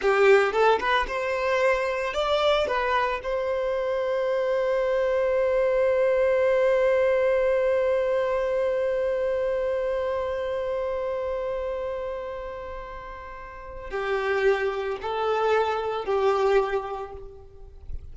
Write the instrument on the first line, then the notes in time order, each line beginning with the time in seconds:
violin
0.01 G4
0.52 A4
0.79 B4
1.07 C5
2.13 D5
2.67 B4
3.23 C5
13.90 G4
15.01 A4
16.05 G4